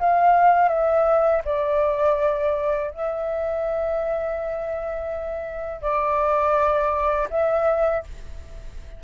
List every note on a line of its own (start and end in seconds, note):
0.00 0.69 F5
0.69 1.42 E5
1.45 2.91 D5
2.91 5.82 E5
5.82 7.29 D5
7.30 8.04 E5